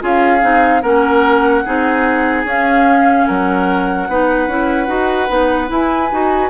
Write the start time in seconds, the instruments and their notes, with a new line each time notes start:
0.00 bassoon C#4, clarinet F4, oboe G#4, flute F5
0.41 bassoon C4, clarinet D#4
0.82 bassoon A#3, clarinet C#4, oboe A#4, flute F#5
1.65 bassoon C4, clarinet D#4, oboe G#4
2.44 bassoon C#4, clarinet C#4, flute F5
3.27 bassoon F#3, oboe A#4, flute F#5
4.08 bassoon B3, clarinet D#4, oboe B4
4.47 bassoon C#4, clarinet E4
4.87 bassoon D#4, clarinet F#4
5.29 bassoon B3, clarinet D#4
5.67 clarinet E4, bassoon E4, flute G#5
6.11 bassoon D#4, clarinet F#4